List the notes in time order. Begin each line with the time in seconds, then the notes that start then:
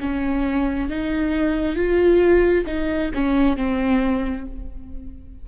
0.00 C#4
0.89 D#4
1.75 F4
2.66 D#4
3.14 C#4
3.57 C4